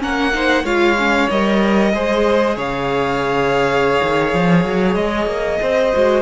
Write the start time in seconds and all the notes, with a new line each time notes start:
0.00 A#3 C#4 A#4 F#5
0.33 D#4 C5
0.64 G#3 F4 C#5 F5
0.99 C#4
1.30 G3 A#4 D#5
1.94 G#3 G#4 C5
2.57 C#3 C#5 F5
4.03 D#3
4.34 F3
4.66 F#3
4.95 G#3 D#5
5.27 A#3
5.62 C4 C5
5.94 G#3 F#4